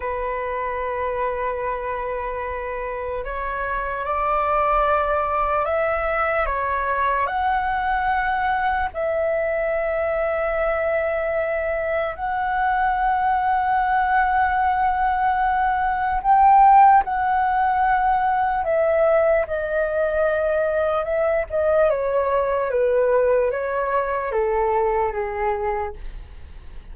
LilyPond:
\new Staff \with { instrumentName = "flute" } { \time 4/4 \tempo 4 = 74 b'1 | cis''4 d''2 e''4 | cis''4 fis''2 e''4~ | e''2. fis''4~ |
fis''1 | g''4 fis''2 e''4 | dis''2 e''8 dis''8 cis''4 | b'4 cis''4 a'4 gis'4 | }